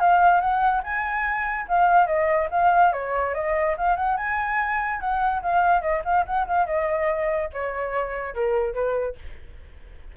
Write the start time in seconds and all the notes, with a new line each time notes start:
0.00 F5
0.41 F#5
0.84 G#5
1.69 F5
2.07 D#5
2.51 F5
2.93 C#5
3.35 D#5
3.77 F5
3.96 F#5
4.17 G#5
5.01 F#5
5.43 F5
5.82 D#5
6.05 F5
6.26 F#5
6.47 F5
6.66 D#5
7.54 C#5
8.34 A#4
8.74 B4